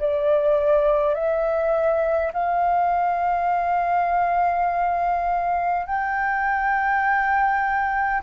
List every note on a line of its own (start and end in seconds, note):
0.00 1.14 D5
1.14 2.32 E5
2.34 5.87 F5
5.87 8.22 G5